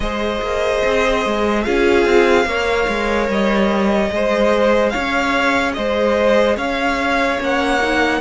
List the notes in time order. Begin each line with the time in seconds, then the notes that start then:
0.00 G#3 G#4 C5 D#5
0.41 A#3
0.85 C4
1.25 G#3
1.63 C#4 F4 G#4 F5
2.05 C4
2.45 A#3 A#4 C#5
2.87 G#3
3.28 G3 D#5
4.10 G#3 G#4 C5
4.89 C#5 F5
4.95 C#4
5.73 G#3 C5 D#5
6.56 C#4 C#5 F5
7.38 A#3 C#4 F#5
7.81 D#4